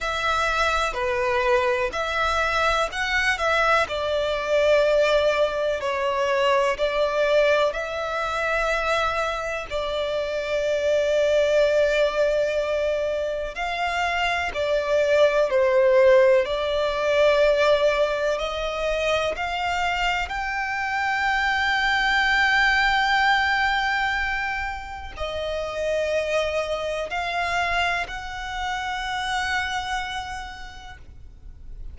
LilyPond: \new Staff \with { instrumentName = "violin" } { \time 4/4 \tempo 4 = 62 e''4 b'4 e''4 fis''8 e''8 | d''2 cis''4 d''4 | e''2 d''2~ | d''2 f''4 d''4 |
c''4 d''2 dis''4 | f''4 g''2.~ | g''2 dis''2 | f''4 fis''2. | }